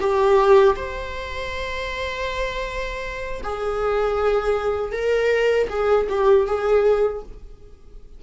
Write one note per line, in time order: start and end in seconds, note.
0.00 0.76 G4
0.76 3.42 C5
3.44 4.93 G#4
4.93 5.69 A#4
5.70 6.08 G#4
6.09 6.47 G4
6.47 7.23 G#4